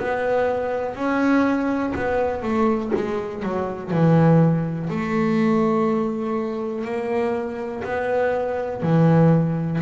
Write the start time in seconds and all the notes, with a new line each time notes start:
0.00 B3
0.96 C#4
1.96 B3
2.43 A3
2.96 G#3
3.43 F#3
3.91 E3
4.90 A3
6.85 A#3
7.85 B3
8.83 E3